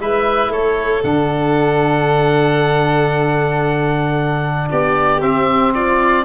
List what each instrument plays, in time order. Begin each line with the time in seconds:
0.00 tuba G#3, trombone E4, violin B4, oboe E5
0.49 tuba A3, violin A4, oboe C#5
1.03 tuba D3, trombone D4, oboe F#5
4.70 tuba B3, violin G4, oboe D5
5.21 tuba C4, trombone C4, oboe E5
5.74 violin F4, oboe D5